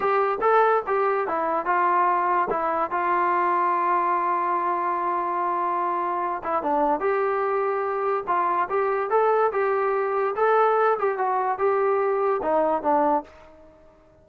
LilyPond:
\new Staff \with { instrumentName = "trombone" } { \time 4/4 \tempo 4 = 145 g'4 a'4 g'4 e'4 | f'2 e'4 f'4~ | f'1~ | f'2.~ f'8 e'8 |
d'4 g'2. | f'4 g'4 a'4 g'4~ | g'4 a'4. g'8 fis'4 | g'2 dis'4 d'4 | }